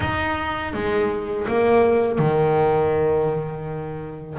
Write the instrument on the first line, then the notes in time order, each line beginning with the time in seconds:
double bass
0.00 D#4
0.73 G#3
1.47 A#3
2.18 D#3